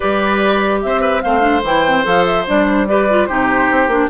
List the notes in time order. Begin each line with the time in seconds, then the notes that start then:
0.00 G3 G4 B4 D5
0.81 C4 C5 E5
1.01 B4
1.21 A3 C4 C5 F5
1.40 D4
1.62 E3 E4 G5
1.86 C4
2.04 F3 A4 F5
2.25 E5
2.47 G3 D4 D5
2.68 C5
2.87 G4 B4 D5
3.09 F4
3.26 C3 D#4 G4 C5
3.70 C4
3.87 A#3 D4